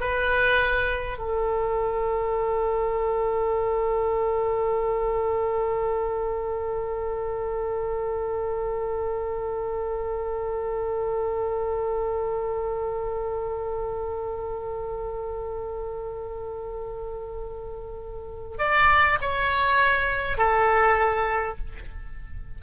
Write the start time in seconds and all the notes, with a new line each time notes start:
0.00 B4
1.18 A4
18.58 D5
19.21 C#5
20.38 A4